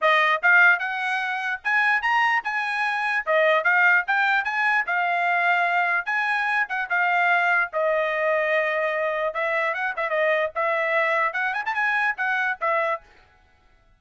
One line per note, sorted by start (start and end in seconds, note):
0.01 0.41 D#5
0.42 0.79 F5
0.79 1.60 F#5
1.64 2.01 G#5
2.01 2.42 A#5
2.44 3.25 G#5
3.26 3.64 D#5
3.64 4.04 F5
4.07 4.44 G5
4.44 4.84 G#5
4.86 6.05 F5
6.05 6.66 G#5
6.68 6.89 F#5
6.89 7.70 F5
7.72 9.34 D#5
9.34 9.74 E5
9.74 9.94 F#5
9.96 10.09 E5
10.09 10.50 D#5
10.55 11.33 E5
11.33 11.53 F#5
11.53 11.63 G#5
11.65 11.74 A5
11.74 12.14 G#5
12.17 12.57 F#5
12.60 13.01 E5